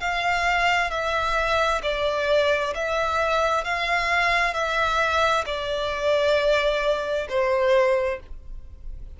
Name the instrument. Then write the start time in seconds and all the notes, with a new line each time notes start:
violin
0.00 F5
0.90 E5
1.82 D5
2.74 E5
3.64 F5
4.53 E5
5.45 D5
7.29 C5